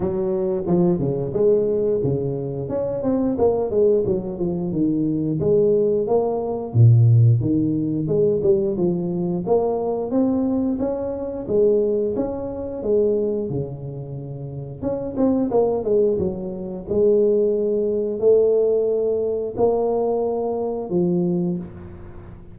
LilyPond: \new Staff \with { instrumentName = "tuba" } { \time 4/4 \tempo 4 = 89 fis4 f8 cis8 gis4 cis4 | cis'8 c'8 ais8 gis8 fis8 f8 dis4 | gis4 ais4 ais,4 dis4 | gis8 g8 f4 ais4 c'4 |
cis'4 gis4 cis'4 gis4 | cis2 cis'8 c'8 ais8 gis8 | fis4 gis2 a4~ | a4 ais2 f4 | }